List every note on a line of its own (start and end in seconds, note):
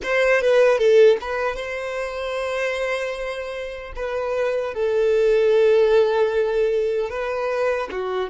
0.03 0.41 C5
0.41 0.78 B4
0.78 1.17 A4
1.21 1.56 B4
1.56 3.93 C5
3.95 4.74 B4
4.74 7.09 A4
7.09 7.88 B4
7.91 8.29 F#4